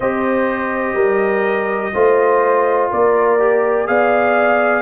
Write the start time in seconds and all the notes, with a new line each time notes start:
0.00 C4 G4 C5 D#5
0.94 G3 A#4
1.94 A3 F4 C5
2.91 A#3 A#4 D5
3.39 G4
3.87 B3 G#4 D5 F5